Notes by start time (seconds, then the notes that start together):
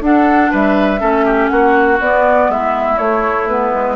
0.00 D4 A4 F#5
0.51 G3 B4 E5
0.99 A3 C#4 A4
1.25 G4
1.48 A#3 F#4 F#5
2.00 B3 D5
2.48 G#3 E4 E5
2.98 A3 C#5
3.47 B3 B4
3.73 G#3